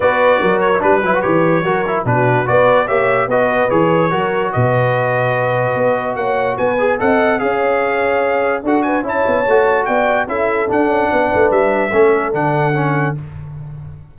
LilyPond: <<
  \new Staff \with { instrumentName = "trumpet" } { \time 4/4 \tempo 4 = 146 d''4. cis''8 b'4 cis''4~ | cis''4 b'4 d''4 e''4 | dis''4 cis''2 dis''4~ | dis''2. fis''4 |
gis''4 fis''4 f''2~ | f''4 fis''8 gis''8 a''2 | g''4 e''4 fis''2 | e''2 fis''2 | }
  \new Staff \with { instrumentName = "horn" } { \time 4/4 b'4 ais'4 b'2 | ais'4 fis'4 b'4 cis''4 | b'2 ais'4 b'4~ | b'2. cis''4 |
b'4 dis''4 cis''2~ | cis''4 a'8 b'8 cis''2 | d''4 a'2 b'4~ | b'4 a'2. | }
  \new Staff \with { instrumentName = "trombone" } { \time 4/4 fis'4.~ fis'16 e'16 d'8 e'16 fis'16 g'4 | fis'8 e'8 d'4 fis'4 g'4 | fis'4 gis'4 fis'2~ | fis'1~ |
fis'8 gis'8 a'4 gis'2~ | gis'4 fis'4 e'4 fis'4~ | fis'4 e'4 d'2~ | d'4 cis'4 d'4 cis'4 | }
  \new Staff \with { instrumentName = "tuba" } { \time 4/4 b4 fis4 g8 fis8 e4 | fis4 b,4 b4 ais4 | b4 e4 fis4 b,4~ | b,2 b4 ais4 |
b4 c'4 cis'2~ | cis'4 d'4 cis'8 b8 a4 | b4 cis'4 d'8 cis'8 b8 a8 | g4 a4 d2 | }
>>